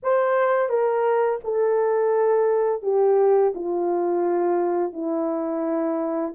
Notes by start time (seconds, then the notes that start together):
0.02 C5
0.69 A#4
1.44 A4
2.82 G4
3.54 F4
4.92 E4